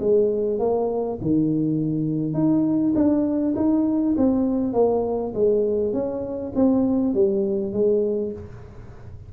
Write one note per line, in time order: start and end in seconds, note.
0.00 0.59 G#3
0.59 1.19 A#3
1.22 2.34 D#3
2.34 2.93 D#4
2.95 3.55 D4
3.56 4.16 D#4
4.17 4.73 C4
4.73 5.33 A#3
5.34 5.93 G#3
5.93 6.53 C#4
6.55 7.14 C4
7.14 7.73 G3
7.73 8.32 G#3